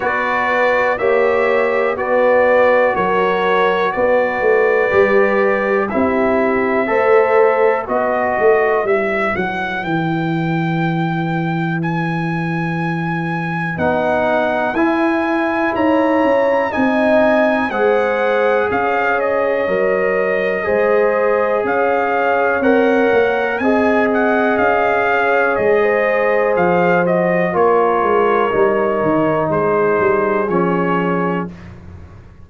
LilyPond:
<<
  \new Staff \with { instrumentName = "trumpet" } { \time 4/4 \tempo 4 = 61 d''4 e''4 d''4 cis''4 | d''2 e''2 | dis''4 e''8 fis''8 g''2 | gis''2 fis''4 gis''4 |
ais''4 gis''4 fis''4 f''8 dis''8~ | dis''2 f''4 fis''4 | gis''8 fis''8 f''4 dis''4 f''8 dis''8 | cis''2 c''4 cis''4 | }
  \new Staff \with { instrumentName = "horn" } { \time 4/4 b'4 cis''4 b'4 ais'4 | b'2 g'4 c''4 | b'1~ | b'1 |
cis''4 dis''4 c''4 cis''4~ | cis''4 c''4 cis''2 | dis''4. cis''8. c''4.~ c''16 | ais'2 gis'2 | }
  \new Staff \with { instrumentName = "trombone" } { \time 4/4 fis'4 g'4 fis'2~ | fis'4 g'4 e'4 a'4 | fis'4 e'2.~ | e'2 dis'4 e'4~ |
e'4 dis'4 gis'2 | ais'4 gis'2 ais'4 | gis'2.~ gis'8 fis'8 | f'4 dis'2 cis'4 | }
  \new Staff \with { instrumentName = "tuba" } { \time 4/4 b4 ais4 b4 fis4 | b8 a8 g4 c'4 a4 | b8 a8 g8 fis8 e2~ | e2 b4 e'4 |
dis'8 cis'8 c'4 gis4 cis'4 | fis4 gis4 cis'4 c'8 ais8 | c'4 cis'4 gis4 f4 | ais8 gis8 g8 dis8 gis8 g8 f4 | }
>>